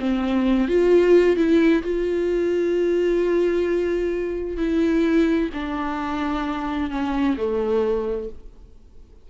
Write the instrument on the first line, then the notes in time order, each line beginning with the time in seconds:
viola
0.00 C4
0.69 F4
1.37 E4
1.83 F4
4.58 E4
5.54 D4
6.91 C#4
7.37 A3